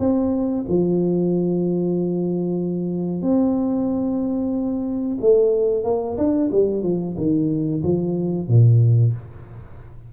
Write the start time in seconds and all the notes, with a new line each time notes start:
0.00 C4
0.68 F3
3.22 C4
5.21 A3
5.84 A#3
6.18 D4
6.52 G3
6.83 F3
7.17 D#3
7.83 F3
8.48 A#2